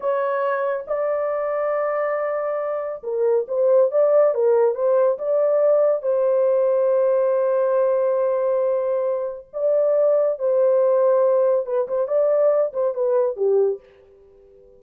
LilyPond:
\new Staff \with { instrumentName = "horn" } { \time 4/4 \tempo 4 = 139 cis''2 d''2~ | d''2. ais'4 | c''4 d''4 ais'4 c''4 | d''2 c''2~ |
c''1~ | c''2 d''2 | c''2. b'8 c''8 | d''4. c''8 b'4 g'4 | }